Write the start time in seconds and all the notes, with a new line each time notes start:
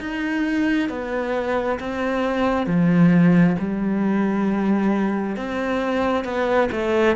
0.00 D#4
0.89 B3
1.80 C4
2.67 F3
3.59 G3
5.36 C4
6.24 B3
6.72 A3